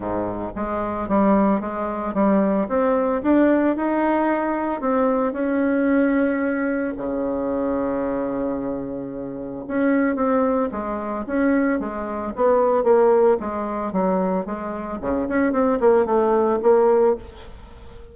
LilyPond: \new Staff \with { instrumentName = "bassoon" } { \time 4/4 \tempo 4 = 112 gis,4 gis4 g4 gis4 | g4 c'4 d'4 dis'4~ | dis'4 c'4 cis'2~ | cis'4 cis2.~ |
cis2 cis'4 c'4 | gis4 cis'4 gis4 b4 | ais4 gis4 fis4 gis4 | cis8 cis'8 c'8 ais8 a4 ais4 | }